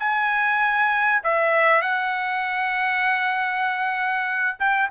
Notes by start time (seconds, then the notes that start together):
0.00 G#5
1.24 E5
1.82 F#5
4.59 G5